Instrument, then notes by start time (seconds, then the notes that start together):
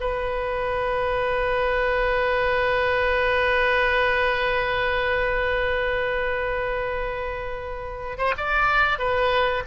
oboe
0.00 B4
8.18 C5
8.37 D5
8.99 B4